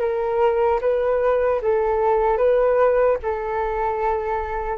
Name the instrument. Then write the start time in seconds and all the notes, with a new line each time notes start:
flute
0.00 A#4
0.81 B4
1.62 A4
2.37 B4
3.23 A4